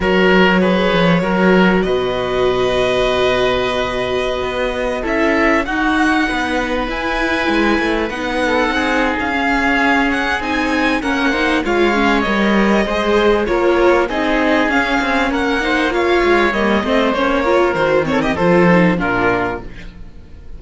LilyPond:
<<
  \new Staff \with { instrumentName = "violin" } { \time 4/4 \tempo 4 = 98 cis''2. dis''4~ | dis''1~ | dis''16 e''4 fis''2 gis''8.~ | gis''4~ gis''16 fis''4.~ fis''16 f''4~ |
f''8 fis''8 gis''4 fis''4 f''4 | dis''2 cis''4 dis''4 | f''4 fis''4 f''4 dis''4 | cis''4 c''8 cis''16 dis''16 c''4 ais'4 | }
  \new Staff \with { instrumentName = "oboe" } { \time 4/4 ais'4 b'4 ais'4 b'4~ | b'1~ | b'16 a'4 fis'4 b'4.~ b'16~ | b'4.~ b'16 a'8 gis'4.~ gis'16~ |
gis'2 ais'8 c''8 cis''4~ | cis''4 c''4 ais'4 gis'4~ | gis'4 ais'8 c''8 cis''4. c''8~ | c''8 ais'4 a'16 g'16 a'4 f'4 | }
  \new Staff \with { instrumentName = "viola" } { \time 4/4 fis'4 gis'4 fis'2~ | fis'1~ | fis'16 e'4 dis'2 e'8.~ | e'4~ e'16 dis'2 cis'8.~ |
cis'4 dis'4 cis'8 dis'8 f'8 cis'8 | ais'4 gis'4 f'4 dis'4 | cis'4. dis'8 f'4 ais8 c'8 | cis'8 f'8 fis'8 c'8 f'8 dis'8 d'4 | }
  \new Staff \with { instrumentName = "cello" } { \time 4/4 fis4. f8 fis4 b,4~ | b,2.~ b,16 b8.~ | b16 cis'4 dis'4 b4 e'8.~ | e'16 gis8 a8 b4 c'8. cis'4~ |
cis'4 c'4 ais4 gis4 | g4 gis4 ais4 c'4 | cis'8 c'8 ais4. gis8 g8 a8 | ais4 dis4 f4 ais,4 | }
>>